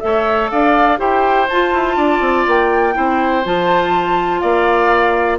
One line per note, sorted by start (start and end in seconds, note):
0.00 0.51 A3
0.00 0.98 A4
0.00 0.51 C#5
0.00 0.49 E5
0.50 0.99 D4
0.50 0.99 D5
0.50 0.99 F5
0.98 1.48 E4
0.98 1.46 G4
0.98 1.97 C5
0.98 1.49 G5
1.49 2.93 F4
1.49 1.74 F4
1.49 2.47 A5
1.74 1.97 E4
1.97 2.21 D4
1.97 2.95 D5
2.21 2.45 C4
2.47 2.96 A#3
2.47 3.46 G5
2.93 3.45 C4
2.93 3.42 E4
2.93 4.42 C5
3.45 4.43 F3
3.45 5.39 F4
3.45 4.40 A5
4.40 5.39 A#3
4.40 5.39 D5
4.40 5.38 F5